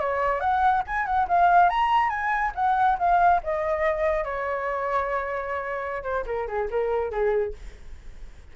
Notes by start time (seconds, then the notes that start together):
0.00 C#5
0.41 F#5
0.87 G#5
1.06 F#5
1.29 F5
1.70 A#5
2.10 G#5
2.56 F#5
2.99 F5
3.44 D#5
4.25 C#5
6.03 C5
6.26 A#4
6.48 G#4
6.71 A#4
7.11 G#4